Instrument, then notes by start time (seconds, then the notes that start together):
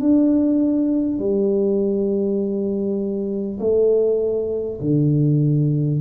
tuba
0.00 D4
1.19 G3
3.59 A3
4.81 D3